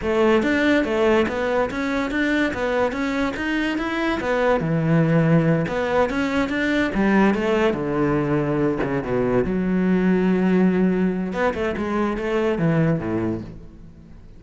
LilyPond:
\new Staff \with { instrumentName = "cello" } { \time 4/4 \tempo 4 = 143 a4 d'4 a4 b4 | cis'4 d'4 b4 cis'4 | dis'4 e'4 b4 e4~ | e4. b4 cis'4 d'8~ |
d'8 g4 a4 d4.~ | d4 cis8 b,4 fis4.~ | fis2. b8 a8 | gis4 a4 e4 a,4 | }